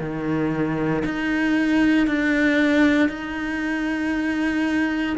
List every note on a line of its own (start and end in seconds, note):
0.00 1.03 D#3
1.05 2.07 D#4
2.07 3.09 D4
3.09 5.16 D#4